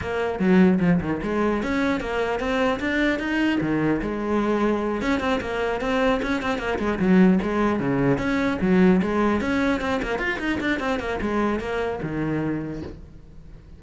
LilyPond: \new Staff \with { instrumentName = "cello" } { \time 4/4 \tempo 4 = 150 ais4 fis4 f8 dis8 gis4 | cis'4 ais4 c'4 d'4 | dis'4 dis4 gis2~ | gis8 cis'8 c'8 ais4 c'4 cis'8 |
c'8 ais8 gis8 fis4 gis4 cis8~ | cis8 cis'4 fis4 gis4 cis'8~ | cis'8 c'8 ais8 f'8 dis'8 d'8 c'8 ais8 | gis4 ais4 dis2 | }